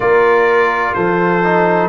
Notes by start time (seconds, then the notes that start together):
0.00 A#3 F4 A#4 D5
0.93 F3 A4 C5
1.44 D#4